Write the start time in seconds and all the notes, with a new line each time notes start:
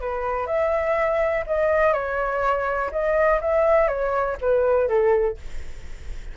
0.00 B4
0.47 E5
1.46 D#5
1.93 C#5
2.92 D#5
3.41 E5
3.88 C#5
4.41 B4
4.88 A4